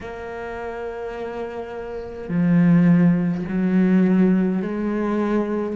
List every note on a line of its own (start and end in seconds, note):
0.00 2.28 A#3
2.28 3.44 F3
3.48 4.62 F#3
4.62 5.76 G#3